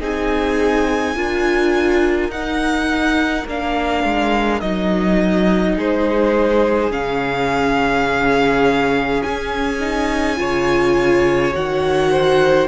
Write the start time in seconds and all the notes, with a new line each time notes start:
0.00 C4 D#4 G#4 G#5
1.15 D4 F4 A#4
2.28 D#4 F#5
3.46 A#3 D4 F5
4.04 G#3
4.60 F#3 D#4 D#5
5.77 G#3 G#4 C5
6.90 C#3 C#4 F5
9.22 C#4 G#5
9.80 D#4
10.36 C#3 F4 C#5
11.53 D#3 F#4 F#5
12.11 C5